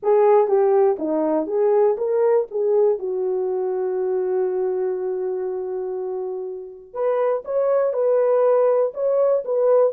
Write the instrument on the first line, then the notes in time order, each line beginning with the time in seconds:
horn
0.02 G#4
0.47 G4
0.98 D#4
1.47 G#4
1.97 A#4
2.50 G#4
2.99 F#4
6.93 B4
7.44 C#5
7.93 B4
8.94 C#5
9.44 B4